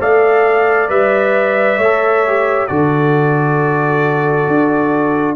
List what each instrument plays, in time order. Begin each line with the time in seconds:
0.00 tuba A3, trombone A4, horn D5, trumpet F5
0.90 tuba G3, trombone B4, trumpet E5
1.78 tuba A3, trombone A4, horn C#5
2.28 trombone G4
2.67 tuba D3, trombone F#4, horn A4, trumpet D5
4.48 tuba D4